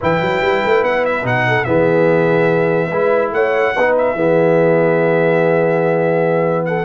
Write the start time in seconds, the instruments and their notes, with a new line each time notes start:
0.00 tuba E3, trombone E4, horn B4, trumpet G5
0.20 tuba F#3
0.41 tuba G3
0.65 tuba A3
0.82 tuba B3, trumpet F#5
1.05 trumpet E5
1.23 tuba B2, trombone D#4, trumpet F#5
1.47 horn A4
1.64 tuba E3, trombone B3, horn G#4, trumpet E5
2.88 tuba G#3, trombone E4, horn B4
3.31 tuba A3, horn C#5, trumpet F#5
3.75 tuba B3, trombone D#4, horn B4
3.97 trumpet E5
4.14 tuba E3, trombone B3, horn G#4
6.65 horn A4, trumpet F#5